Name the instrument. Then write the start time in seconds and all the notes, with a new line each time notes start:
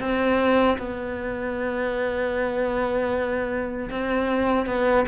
cello
0.00 C4
0.78 B3
3.90 C4
4.67 B3